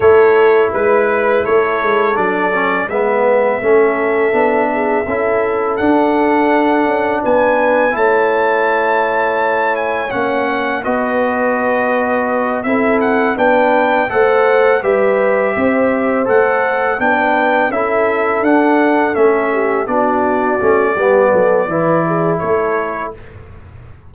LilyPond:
<<
  \new Staff \with { instrumentName = "trumpet" } { \time 4/4 \tempo 4 = 83 cis''4 b'4 cis''4 d''4 | e''1 | fis''2 gis''4 a''4~ | a''4. gis''8 fis''4 dis''4~ |
dis''4. e''8 fis''8 g''4 fis''8~ | fis''8 e''2 fis''4 g''8~ | g''8 e''4 fis''4 e''4 d''8~ | d''2. cis''4 | }
  \new Staff \with { instrumentName = "horn" } { \time 4/4 a'4 b'4 a'2 | b'4 a'4. gis'8 a'4~ | a'2 b'4 cis''4~ | cis''2. b'4~ |
b'4. a'4 b'4 c''8~ | c''8 b'4 c''2 b'8~ | b'8 a'2~ a'8 g'8 fis'8~ | fis'4 g'8 a'8 b'8 gis'8 a'4 | }
  \new Staff \with { instrumentName = "trombone" } { \time 4/4 e'2. d'8 cis'8 | b4 cis'4 d'4 e'4 | d'2. e'4~ | e'2 cis'4 fis'4~ |
fis'4. e'4 d'4 a'8~ | a'8 g'2 a'4 d'8~ | d'8 e'4 d'4 cis'4 d'8~ | d'8 cis'8 b4 e'2 | }
  \new Staff \with { instrumentName = "tuba" } { \time 4/4 a4 gis4 a8 gis8 fis4 | gis4 a4 b4 cis'4 | d'4. cis'8 b4 a4~ | a2 ais4 b4~ |
b4. c'4 b4 a8~ | a8 g4 c'4 a4 b8~ | b8 cis'4 d'4 a4 b8~ | b8 a8 g8 fis8 e4 a4 | }
>>